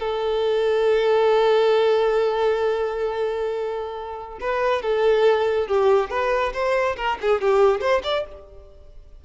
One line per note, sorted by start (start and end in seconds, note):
0.00 4.39 A4
4.41 4.83 B4
4.83 5.68 A4
5.68 6.11 G4
6.11 6.53 B4
6.54 6.96 C5
6.97 7.18 A#4
7.22 7.42 G#4
7.42 7.81 G4
7.81 8.03 C5
8.04 8.25 D5